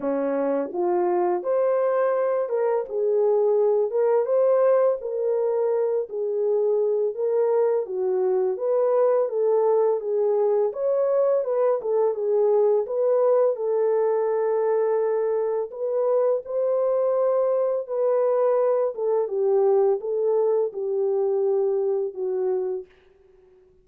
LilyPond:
\new Staff \with { instrumentName = "horn" } { \time 4/4 \tempo 4 = 84 cis'4 f'4 c''4. ais'8 | gis'4. ais'8 c''4 ais'4~ | ais'8 gis'4. ais'4 fis'4 | b'4 a'4 gis'4 cis''4 |
b'8 a'8 gis'4 b'4 a'4~ | a'2 b'4 c''4~ | c''4 b'4. a'8 g'4 | a'4 g'2 fis'4 | }